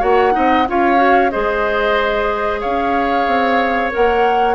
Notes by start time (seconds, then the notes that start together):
0.00 A#3 F#4 C#5 F#5
0.32 C4 D#4 D#5
0.68 C#4 F4 C#5 F5
0.97 F#4
1.31 G#3 G#4 C5 D#5
2.61 C#4 C#5 F5
3.27 C4
3.91 A#3 A#4 F#5